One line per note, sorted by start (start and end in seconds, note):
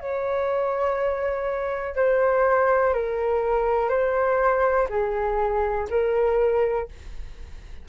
0.00 1.96 C#5
1.96 2.94 C5
2.94 3.89 A#4
3.89 4.88 C5
4.90 5.88 G#4
5.90 6.89 A#4